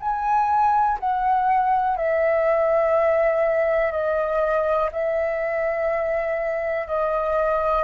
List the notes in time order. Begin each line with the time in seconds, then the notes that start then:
0.00 G#5
0.99 F#5
1.97 E5
3.91 D#5
4.92 E5
6.87 D#5